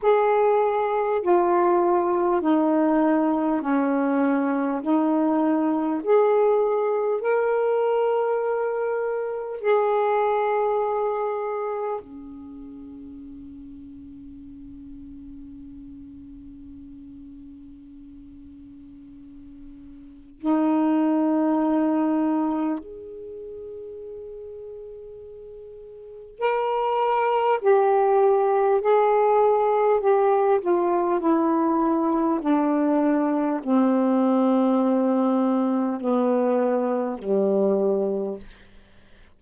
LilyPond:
\new Staff \with { instrumentName = "saxophone" } { \time 4/4 \tempo 4 = 50 gis'4 f'4 dis'4 cis'4 | dis'4 gis'4 ais'2 | gis'2 cis'2~ | cis'1~ |
cis'4 dis'2 gis'4~ | gis'2 ais'4 g'4 | gis'4 g'8 f'8 e'4 d'4 | c'2 b4 g4 | }